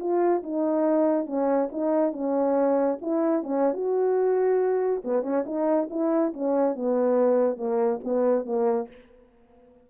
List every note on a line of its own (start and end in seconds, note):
0.00 0.43 F4
0.43 1.27 D#4
1.27 1.69 C#4
1.72 2.13 D#4
2.13 2.99 C#4
3.02 3.43 E4
3.43 3.74 C#4
3.74 5.02 F#4
5.04 5.23 B3
5.23 5.44 C#4
5.46 5.89 D#4
5.90 6.33 E4
6.34 6.76 C#4
6.76 7.57 B3
7.57 8.00 A#3
8.04 8.46 B3
8.46 8.89 A#3